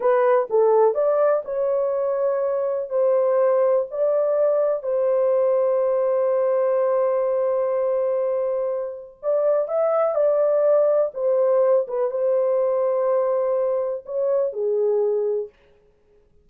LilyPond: \new Staff \with { instrumentName = "horn" } { \time 4/4 \tempo 4 = 124 b'4 a'4 d''4 cis''4~ | cis''2 c''2 | d''2 c''2~ | c''1~ |
c''2. d''4 | e''4 d''2 c''4~ | c''8 b'8 c''2.~ | c''4 cis''4 gis'2 | }